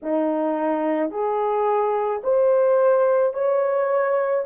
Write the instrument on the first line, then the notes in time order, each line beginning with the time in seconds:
horn
0.02 D#4
1.10 G#4
2.23 C5
3.33 C#5